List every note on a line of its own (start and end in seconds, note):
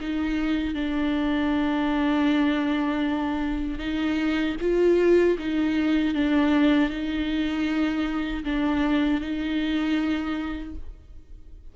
0.00 0.74 D#4
0.74 3.79 D4
3.79 4.56 D#4
4.60 5.37 F4
5.38 6.14 D#4
6.14 6.90 D4
6.90 8.43 D#4
8.44 9.21 D4
9.21 10.75 D#4